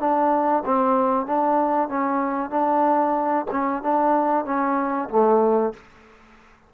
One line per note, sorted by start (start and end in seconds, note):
0.00 0.64 D4
0.66 1.27 C4
1.27 1.89 D4
1.89 2.51 C#4
2.51 3.46 D4
3.52 3.83 C#4
3.83 4.46 D4
4.46 5.09 C#4
5.10 5.74 A3